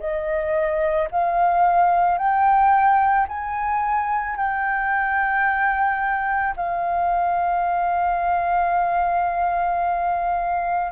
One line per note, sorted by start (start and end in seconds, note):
0.00 1.09 D#5
1.12 2.18 F5
2.18 3.27 G5
3.28 4.37 G#5
4.37 6.55 G5
6.57 10.92 F5